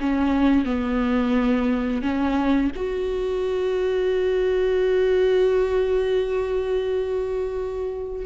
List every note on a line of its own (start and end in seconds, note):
0.00 0.65 C#4
0.65 2.02 B3
2.02 2.71 C#4
2.76 8.25 F#4